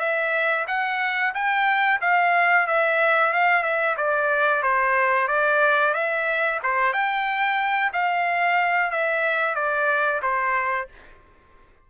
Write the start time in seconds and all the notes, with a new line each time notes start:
0.00 E5
0.68 F#5
1.35 G5
2.01 F5
2.67 E5
3.33 F5
3.63 E5
3.97 D5
4.63 C5
5.28 D5
5.94 E5
6.64 C5
6.93 G5
7.93 F5
8.91 E5
9.55 D5
10.23 C5